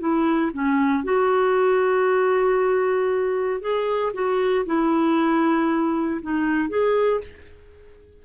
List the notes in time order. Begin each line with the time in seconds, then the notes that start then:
0.00 E4
0.53 C#4
1.04 F#4
3.62 G#4
4.14 F#4
4.66 E4
6.22 D#4
6.70 G#4